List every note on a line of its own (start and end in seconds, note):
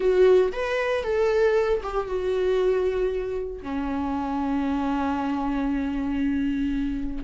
0.00 0.52 F#4
0.52 1.03 B4
1.03 1.81 A4
1.82 2.07 G4
2.07 3.62 F#4
3.62 7.23 C#4